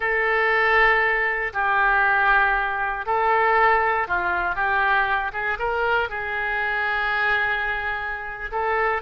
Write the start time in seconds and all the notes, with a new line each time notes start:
0.00 A4
1.53 G4
3.06 A4
4.07 F4
4.55 G4
5.32 G#4
5.58 A#4
6.09 G#4
8.51 A4